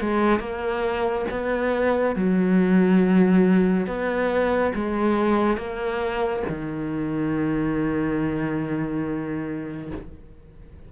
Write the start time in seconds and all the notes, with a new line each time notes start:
0.00 G#3
0.39 A#3
1.30 B3
2.15 F#3
3.86 B3
4.75 G#3
5.57 A#3
6.48 D#3